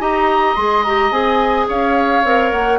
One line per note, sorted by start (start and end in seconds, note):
0.00 0.56 D#4
0.00 0.56 G4
0.00 1.67 D#5
0.00 0.56 A#5
0.56 1.11 G#3
0.56 0.86 G#4
0.56 0.84 C6
0.84 1.12 G4
0.84 1.12 A#5
1.11 1.67 C4
1.11 2.23 G#4
1.11 1.67 G#5
1.68 2.24 C#4
1.68 2.79 C#5
1.68 2.52 F5
2.24 2.52 C4
2.24 2.79 A#4
2.52 2.79 A#3
2.52 2.79 F#5